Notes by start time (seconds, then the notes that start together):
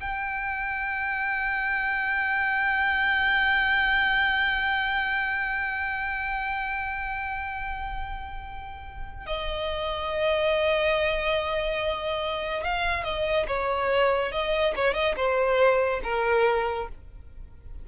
0.00 G5
9.26 D#5
12.64 F5
13.04 D#5
13.48 C#5
14.32 D#5
14.75 C#5
14.93 D#5
15.16 C5
16.03 A#4